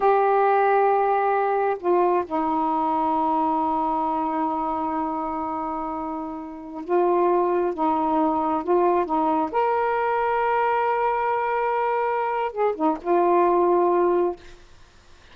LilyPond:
\new Staff \with { instrumentName = "saxophone" } { \time 4/4 \tempo 4 = 134 g'1 | f'4 dis'2.~ | dis'1~ | dis'2.~ dis'16 f'8.~ |
f'4~ f'16 dis'2 f'8.~ | f'16 dis'4 ais'2~ ais'8.~ | ais'1 | gis'8 dis'8 f'2. | }